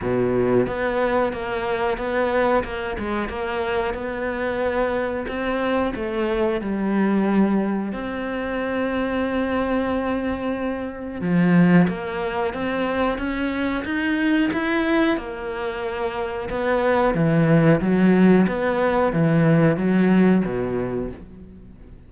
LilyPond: \new Staff \with { instrumentName = "cello" } { \time 4/4 \tempo 4 = 91 b,4 b4 ais4 b4 | ais8 gis8 ais4 b2 | c'4 a4 g2 | c'1~ |
c'4 f4 ais4 c'4 | cis'4 dis'4 e'4 ais4~ | ais4 b4 e4 fis4 | b4 e4 fis4 b,4 | }